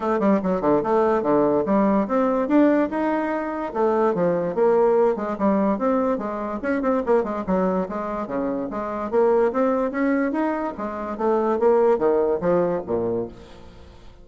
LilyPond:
\new Staff \with { instrumentName = "bassoon" } { \time 4/4 \tempo 4 = 145 a8 g8 fis8 d8 a4 d4 | g4 c'4 d'4 dis'4~ | dis'4 a4 f4 ais4~ | ais8 gis8 g4 c'4 gis4 |
cis'8 c'8 ais8 gis8 fis4 gis4 | cis4 gis4 ais4 c'4 | cis'4 dis'4 gis4 a4 | ais4 dis4 f4 ais,4 | }